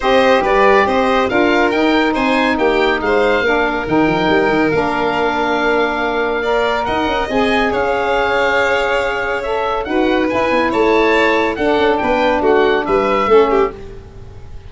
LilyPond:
<<
  \new Staff \with { instrumentName = "oboe" } { \time 4/4 \tempo 4 = 140 dis''4 d''4 dis''4 f''4 | g''4 gis''4 g''4 f''4~ | f''4 g''2 f''4~ | f''1 |
fis''4 gis''4 f''2~ | f''2 e''4 fis''4 | gis''4 a''2 fis''4 | g''4 fis''4 e''2 | }
  \new Staff \with { instrumentName = "violin" } { \time 4/4 c''4 b'4 c''4 ais'4~ | ais'4 c''4 g'4 c''4 | ais'1~ | ais'2. d''4 |
dis''2 cis''2~ | cis''2. b'4~ | b'4 cis''2 a'4 | b'4 fis'4 b'4 a'8 g'8 | }
  \new Staff \with { instrumentName = "saxophone" } { \time 4/4 g'2. f'4 | dis'1 | d'4 dis'2 d'4~ | d'2. ais'4~ |
ais'4 gis'2.~ | gis'2 a'4 fis'4 | e'2. d'4~ | d'2. cis'4 | }
  \new Staff \with { instrumentName = "tuba" } { \time 4/4 c'4 g4 c'4 d'4 | dis'4 c'4 ais4 gis4 | ais4 dis8 f8 g8 dis8 ais4~ | ais1 |
dis'8 cis'8 c'4 cis'2~ | cis'2. dis'4 | e'8 b8 a2 d'8 cis'8 | b4 a4 g4 a4 | }
>>